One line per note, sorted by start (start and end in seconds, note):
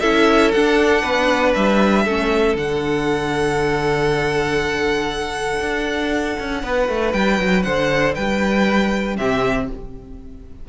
0.00 0.54 C#4
0.00 0.54 E4
0.00 1.02 A4
0.00 0.51 E5
0.51 2.07 D4
0.51 1.03 D4
0.51 1.53 F#5
1.02 1.54 B3
1.02 2.04 B4
1.55 2.05 G3
1.55 2.56 E5
2.05 2.55 A3
2.05 2.57 C#4
2.05 6.62 A4
2.55 5.60 D3
2.55 9.17 D4
2.55 7.13 F#5
5.60 6.36 D4
6.40 6.63 C#4
6.63 6.88 B3
6.63 7.64 B4
6.89 7.13 A3
7.13 7.39 G3
7.13 7.63 G5
7.39 7.64 F#3
7.63 8.17 D3
7.63 8.15 C5
7.63 8.14 F#5
8.15 9.18 G3
8.15 9.17 B4
8.15 9.17 G5
9.17 9.69 C3
9.17 9.68 C4
9.17 9.68 G4
9.17 9.68 E5